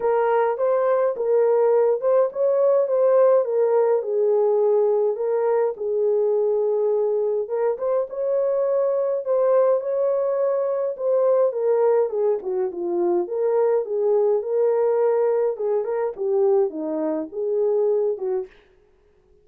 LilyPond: \new Staff \with { instrumentName = "horn" } { \time 4/4 \tempo 4 = 104 ais'4 c''4 ais'4. c''8 | cis''4 c''4 ais'4 gis'4~ | gis'4 ais'4 gis'2~ | gis'4 ais'8 c''8 cis''2 |
c''4 cis''2 c''4 | ais'4 gis'8 fis'8 f'4 ais'4 | gis'4 ais'2 gis'8 ais'8 | g'4 dis'4 gis'4. fis'8 | }